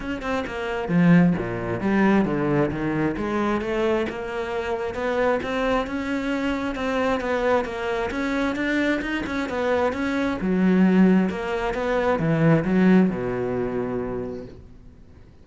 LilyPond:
\new Staff \with { instrumentName = "cello" } { \time 4/4 \tempo 4 = 133 cis'8 c'8 ais4 f4 ais,4 | g4 d4 dis4 gis4 | a4 ais2 b4 | c'4 cis'2 c'4 |
b4 ais4 cis'4 d'4 | dis'8 cis'8 b4 cis'4 fis4~ | fis4 ais4 b4 e4 | fis4 b,2. | }